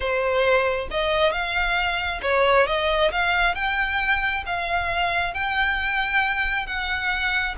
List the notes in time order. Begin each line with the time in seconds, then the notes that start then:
0.00 C5
0.90 D#5
1.32 F5
2.22 C#5
2.66 D#5
3.11 F5
3.55 G5
4.46 F5
5.34 G5
6.66 F#5